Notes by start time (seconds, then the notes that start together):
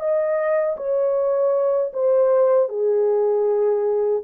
0.00 D#5
0.77 C#5
1.94 C5
2.69 G#4